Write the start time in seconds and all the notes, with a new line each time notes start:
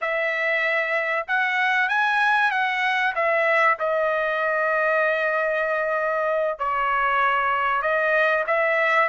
0.01 E5
1.27 F#5
1.88 G#5
2.51 F#5
3.15 E5
3.79 D#5
6.58 C#5
7.82 D#5
8.47 E5